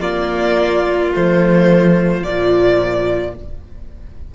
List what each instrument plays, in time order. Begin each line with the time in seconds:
0.00 cello A#3, viola A#3, violin F4 D5
1.15 cello F3, viola A3, violin C5
2.23 cello A#2, viola F3, violin D5